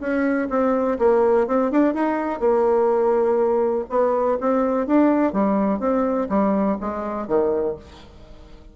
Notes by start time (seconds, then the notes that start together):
0.00 C#4
0.50 C4
0.99 A#3
1.47 C4
1.71 D4
1.94 D#4
2.40 A#3
3.90 B3
4.40 C4
4.87 D4
5.33 G3
5.80 C4
6.29 G3
6.80 G#3
7.28 D#3